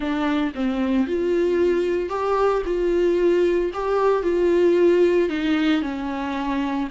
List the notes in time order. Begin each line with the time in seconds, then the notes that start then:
0.00 D4
0.54 C4
1.07 F4
2.09 G4
2.65 F4
3.73 G4
4.23 F4
5.29 D#4
5.81 C#4